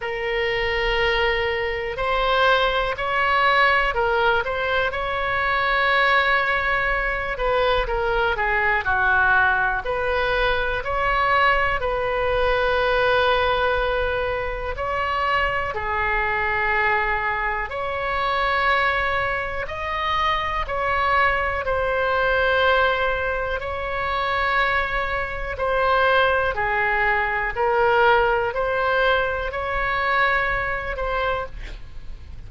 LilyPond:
\new Staff \with { instrumentName = "oboe" } { \time 4/4 \tempo 4 = 61 ais'2 c''4 cis''4 | ais'8 c''8 cis''2~ cis''8 b'8 | ais'8 gis'8 fis'4 b'4 cis''4 | b'2. cis''4 |
gis'2 cis''2 | dis''4 cis''4 c''2 | cis''2 c''4 gis'4 | ais'4 c''4 cis''4. c''8 | }